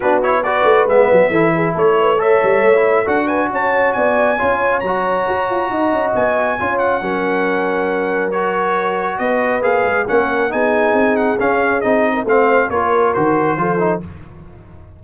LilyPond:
<<
  \new Staff \with { instrumentName = "trumpet" } { \time 4/4 \tempo 4 = 137 b'8 cis''8 d''4 e''2 | cis''4 e''2 fis''8 gis''8 | a''4 gis''2 ais''4~ | ais''2 gis''4. fis''8~ |
fis''2. cis''4~ | cis''4 dis''4 f''4 fis''4 | gis''4. fis''8 f''4 dis''4 | f''4 cis''4 c''2 | }
  \new Staff \with { instrumentName = "horn" } { \time 4/4 fis'4 b'2 a'8 gis'8 | a'8 b'8 cis''2 a'8 b'8 | cis''4 d''4 cis''2~ | cis''4 dis''2 cis''4 |
ais'1~ | ais'4 b'2 ais'4 | gis'2.~ gis'8. ais'16 | c''4 ais'2 a'4 | }
  \new Staff \with { instrumentName = "trombone" } { \time 4/4 d'8 e'8 fis'4 b4 e'4~ | e'4 a'4~ a'16 e'8. fis'4~ | fis'2 f'4 fis'4~ | fis'2. f'4 |
cis'2. fis'4~ | fis'2 gis'4 cis'4 | dis'2 cis'4 dis'4 | c'4 f'4 fis'4 f'8 dis'8 | }
  \new Staff \with { instrumentName = "tuba" } { \time 4/4 b4. a8 gis8 fis8 e4 | a4. g8 a4 d'4 | cis'4 b4 cis'4 fis4 | fis'8 f'8 dis'8 cis'8 b4 cis'4 |
fis1~ | fis4 b4 ais8 gis8 ais4 | b4 c'4 cis'4 c'4 | a4 ais4 dis4 f4 | }
>>